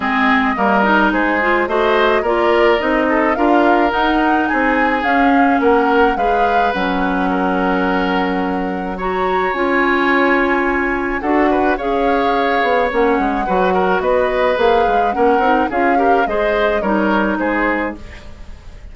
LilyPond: <<
  \new Staff \with { instrumentName = "flute" } { \time 4/4 \tempo 4 = 107 dis''2 c''4 dis''4 | d''4 dis''4 f''4 fis''4 | gis''4 f''4 fis''4 f''4 | fis''1 |
ais''4 gis''2. | fis''4 f''2 fis''4~ | fis''4 dis''4 f''4 fis''4 | f''4 dis''4 cis''4 c''4 | }
  \new Staff \with { instrumentName = "oboe" } { \time 4/4 gis'4 ais'4 gis'4 c''4 | ais'4. a'8 ais'2 | gis'2 ais'4 b'4~ | b'4 ais'2. |
cis''1 | a'8 b'8 cis''2. | b'8 ais'8 b'2 ais'4 | gis'8 ais'8 c''4 ais'4 gis'4 | }
  \new Staff \with { instrumentName = "clarinet" } { \time 4/4 c'4 ais8 dis'4 f'8 fis'4 | f'4 dis'4 f'4 dis'4~ | dis'4 cis'2 gis'4 | cis'1 |
fis'4 f'2. | fis'4 gis'2 cis'4 | fis'2 gis'4 cis'8 dis'8 | f'8 g'8 gis'4 dis'2 | }
  \new Staff \with { instrumentName = "bassoon" } { \time 4/4 gis4 g4 gis4 a4 | ais4 c'4 d'4 dis'4 | c'4 cis'4 ais4 gis4 | fis1~ |
fis4 cis'2. | d'4 cis'4. b8 ais8 gis8 | fis4 b4 ais8 gis8 ais8 c'8 | cis'4 gis4 g4 gis4 | }
>>